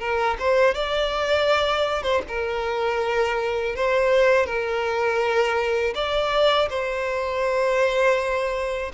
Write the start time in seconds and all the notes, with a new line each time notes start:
0.00 A#4
0.39 C5
0.74 D5
2.03 C5
2.28 A#4
3.76 C5
4.46 A#4
5.95 D5
6.70 C5